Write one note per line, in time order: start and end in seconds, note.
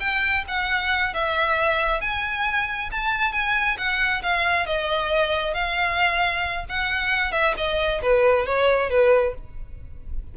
0.00 0.44 G5
0.48 1.14 F#5
1.14 2.01 E5
2.01 2.90 G#5
2.92 3.33 A5
3.33 3.77 G#5
3.78 4.22 F#5
4.23 4.66 F5
4.66 5.54 D#5
5.54 6.65 F5
6.69 7.32 F#5
7.32 7.54 E5
7.57 8.02 D#5
8.02 8.46 B4
8.46 8.90 C#5
8.90 9.34 B4